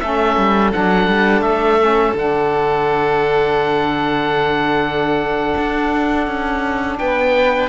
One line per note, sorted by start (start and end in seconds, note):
0.00 0.37 A3
0.00 0.72 C#4
0.00 6.99 A4
0.00 0.71 E5
0.37 0.72 G3
0.72 1.07 F#3
0.72 1.79 D4
0.72 1.42 F#5
1.07 1.41 G3
1.41 2.12 A3
1.41 2.13 E5
1.79 2.15 C#4
2.15 5.54 D3
2.15 7.69 D4
2.15 6.98 F#5
5.57 6.27 D4
6.27 6.98 C#4
6.98 7.69 B3
6.98 7.69 B4
6.98 7.69 G5